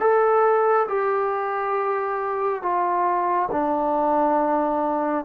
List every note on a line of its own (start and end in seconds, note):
0.00 0.87 A4
0.88 2.62 G4
2.62 3.49 F4
3.51 5.25 D4